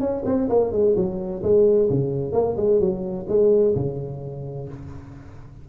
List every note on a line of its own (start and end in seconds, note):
0.00 0.23 C#4
0.25 0.48 C4
0.49 0.72 A#3
0.72 0.95 G#3
0.96 1.42 F#3
1.43 1.89 G#3
1.90 2.33 C#3
2.33 2.56 A#3
2.57 2.80 G#3
2.80 3.27 F#3
3.28 3.75 G#3
3.75 4.68 C#3